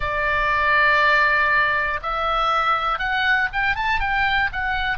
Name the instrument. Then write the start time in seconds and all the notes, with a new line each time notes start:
oboe
0.00 D5
2.02 E5
2.99 F#5
3.53 G5
3.75 A5
4.00 G5
4.52 F#5